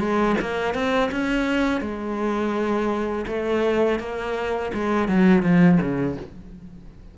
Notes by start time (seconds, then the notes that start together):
0.00 G#3
0.41 A#3
0.75 C4
1.12 C#4
1.81 G#3
3.28 A3
4.00 A#3
4.74 G#3
5.09 F#3
5.43 F3
5.81 C#3